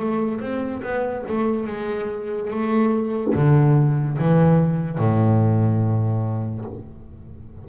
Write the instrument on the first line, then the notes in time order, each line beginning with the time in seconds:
double bass
0.00 A3
0.41 C4
0.83 B3
1.28 A3
1.67 G#3
2.50 A3
3.35 D3
4.18 E3
4.98 A2